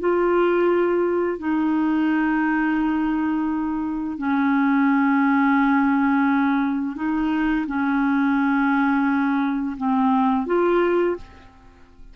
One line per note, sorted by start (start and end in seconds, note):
0.00 1.39 F4
1.39 4.18 D#4
4.18 6.96 C#4
6.96 7.66 D#4
7.67 9.76 C#4
9.77 10.46 C4
10.46 11.16 F4